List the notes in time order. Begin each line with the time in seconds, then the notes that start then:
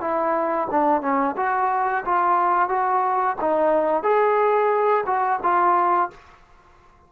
0.00 E4
0.70 D4
1.01 C#4
1.36 F#4
2.05 F4
2.68 F#4
3.41 D#4
4.03 G#4
5.06 F#4
5.43 F4